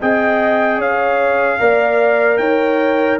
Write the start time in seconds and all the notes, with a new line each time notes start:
0.00 C4 G#4 D#5 G5
0.78 C#4 C#5 F5
1.59 A#3 A#4 D5
2.37 D#4 C#5 G5